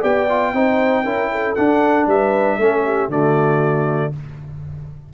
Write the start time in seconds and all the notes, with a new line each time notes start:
0.00 B3 G4 D5 G5
0.29 F4
0.53 C4 D#4 C5
1.04 C#4 E4 A#4
1.31 A4
1.55 D4 F#5
2.06 G3 B4 E5
2.57 A3 C#4 A4
2.84 G4
3.08 D3 A3 F#4 D5